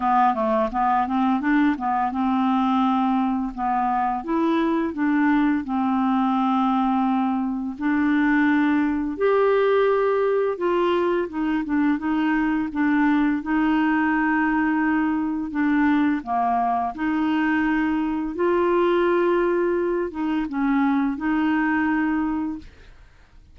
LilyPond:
\new Staff \with { instrumentName = "clarinet" } { \time 4/4 \tempo 4 = 85 b8 a8 b8 c'8 d'8 b8 c'4~ | c'4 b4 e'4 d'4 | c'2. d'4~ | d'4 g'2 f'4 |
dis'8 d'8 dis'4 d'4 dis'4~ | dis'2 d'4 ais4 | dis'2 f'2~ | f'8 dis'8 cis'4 dis'2 | }